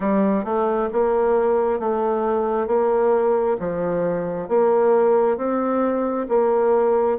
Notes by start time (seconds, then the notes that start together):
0.00 G3
0.44 A3
0.92 A#3
1.79 A3
2.67 A#3
3.59 F3
4.48 A#3
5.37 C4
6.28 A#3